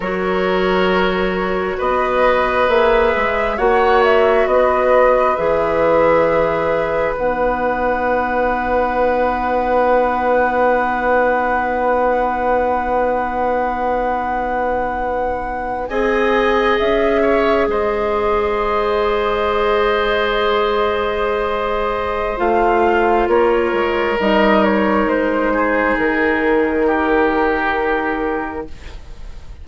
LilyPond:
<<
  \new Staff \with { instrumentName = "flute" } { \time 4/4 \tempo 4 = 67 cis''2 dis''4 e''4 | fis''8 e''8 dis''4 e''2 | fis''1~ | fis''1~ |
fis''4.~ fis''16 gis''4 e''4 dis''16~ | dis''1~ | dis''4 f''4 cis''4 dis''8 cis''8 | c''4 ais'2. | }
  \new Staff \with { instrumentName = "oboe" } { \time 4/4 ais'2 b'2 | cis''4 b'2.~ | b'1~ | b'1~ |
b'4.~ b'16 dis''4. cis''8 c''16~ | c''1~ | c''2 ais'2~ | ais'8 gis'4. g'2 | }
  \new Staff \with { instrumentName = "clarinet" } { \time 4/4 fis'2. gis'4 | fis'2 gis'2 | dis'1~ | dis'1~ |
dis'4.~ dis'16 gis'2~ gis'16~ | gis'1~ | gis'4 f'2 dis'4~ | dis'1 | }
  \new Staff \with { instrumentName = "bassoon" } { \time 4/4 fis2 b4 ais8 gis8 | ais4 b4 e2 | b1~ | b1~ |
b4.~ b16 c'4 cis'4 gis16~ | gis1~ | gis4 a4 ais8 gis8 g4 | gis4 dis2. | }
>>